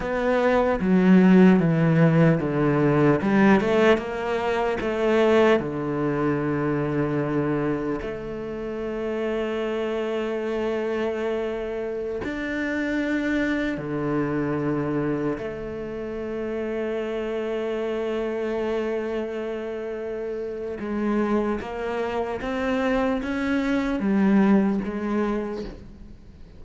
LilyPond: \new Staff \with { instrumentName = "cello" } { \time 4/4 \tempo 4 = 75 b4 fis4 e4 d4 | g8 a8 ais4 a4 d4~ | d2 a2~ | a2.~ a16 d'8.~ |
d'4~ d'16 d2 a8.~ | a1~ | a2 gis4 ais4 | c'4 cis'4 g4 gis4 | }